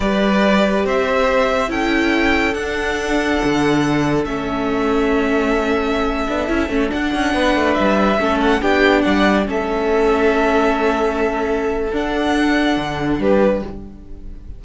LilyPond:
<<
  \new Staff \with { instrumentName = "violin" } { \time 4/4 \tempo 4 = 141 d''2 e''2 | g''2 fis''2~ | fis''2 e''2~ | e''1~ |
e''16 fis''2 e''4. fis''16~ | fis''16 g''4 fis''4 e''4.~ e''16~ | e''1 | fis''2. b'4 | }
  \new Staff \with { instrumentName = "violin" } { \time 4/4 b'2 c''2 | a'1~ | a'1~ | a'1~ |
a'4~ a'16 b'2 a'8.~ | a'16 g'4 d''4 a'4.~ a'16~ | a'1~ | a'2. g'4 | }
  \new Staff \with { instrumentName = "viola" } { \time 4/4 g'1 | e'2 d'2~ | d'2 cis'2~ | cis'2~ cis'8. d'8 e'8 cis'16~ |
cis'16 d'2. cis'8.~ | cis'16 d'2 cis'4.~ cis'16~ | cis'1 | d'1 | }
  \new Staff \with { instrumentName = "cello" } { \time 4/4 g2 c'2 | cis'2 d'2 | d2 a2~ | a2~ a8. b8 cis'8 a16~ |
a16 d'8 cis'8 b8 a8 g4 a8.~ | a16 b4 g4 a4.~ a16~ | a1 | d'2 d4 g4 | }
>>